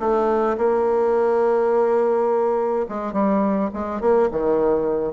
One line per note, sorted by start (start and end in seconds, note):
0.00 0.57 A3
0.58 2.86 A#3
2.89 3.13 G#3
3.13 3.70 G3
3.74 4.01 G#3
4.01 4.30 A#3
4.32 5.14 D#3